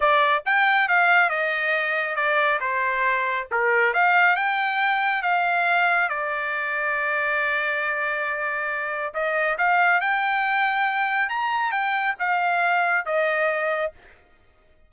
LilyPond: \new Staff \with { instrumentName = "trumpet" } { \time 4/4 \tempo 4 = 138 d''4 g''4 f''4 dis''4~ | dis''4 d''4 c''2 | ais'4 f''4 g''2 | f''2 d''2~ |
d''1~ | d''4 dis''4 f''4 g''4~ | g''2 ais''4 g''4 | f''2 dis''2 | }